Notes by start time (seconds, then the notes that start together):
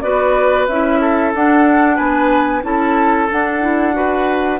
0.00 B3 F#4 B4 D5
0.67 C#4 E4 E5
1.00 A4
1.34 D4 F#5
1.96 B3 B4 G#5
2.62 C#4 E4 A4 A5
3.29 D4 F#5
3.61 E4
3.92 F#4 B4